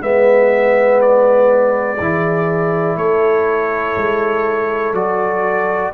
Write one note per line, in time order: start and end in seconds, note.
0.00 1.98 G#3
0.00 1.97 B3
0.00 1.99 B4
0.00 1.00 E5
1.01 2.97 D5
1.99 2.95 E3
1.99 4.94 E4
1.99 2.97 G#4
2.95 3.94 A3
2.95 5.92 A4
2.95 4.94 C#5
3.96 4.92 G#3
4.92 5.91 F#3
4.92 5.92 F#4
4.92 5.92 D5